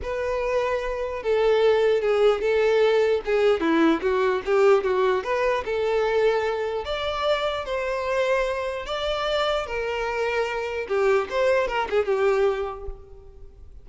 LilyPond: \new Staff \with { instrumentName = "violin" } { \time 4/4 \tempo 4 = 149 b'2. a'4~ | a'4 gis'4 a'2 | gis'4 e'4 fis'4 g'4 | fis'4 b'4 a'2~ |
a'4 d''2 c''4~ | c''2 d''2 | ais'2. g'4 | c''4 ais'8 gis'8 g'2 | }